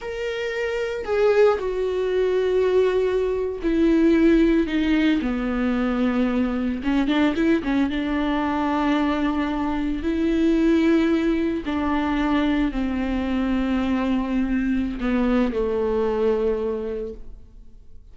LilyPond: \new Staff \with { instrumentName = "viola" } { \time 4/4 \tempo 4 = 112 ais'2 gis'4 fis'4~ | fis'2~ fis'8. e'4~ e'16~ | e'8. dis'4 b2~ b16~ | b8. cis'8 d'8 e'8 cis'8 d'4~ d'16~ |
d'2~ d'8. e'4~ e'16~ | e'4.~ e'16 d'2 c'16~ | c'1 | b4 a2. | }